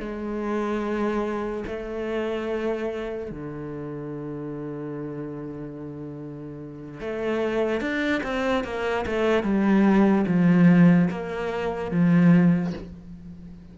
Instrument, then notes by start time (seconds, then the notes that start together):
cello
0.00 G#3
1.67 A3
3.31 D3
7.00 A3
7.81 D4
8.23 C4
8.64 A#3
9.06 A3
9.43 G3
10.27 F3
11.11 A#3
11.91 F3